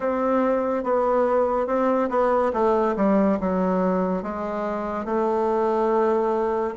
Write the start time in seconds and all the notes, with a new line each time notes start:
0.00 C4
0.83 B3
1.66 C4
2.09 B3
2.53 A3
2.96 G3
3.40 F#3
4.23 G#3
5.05 A3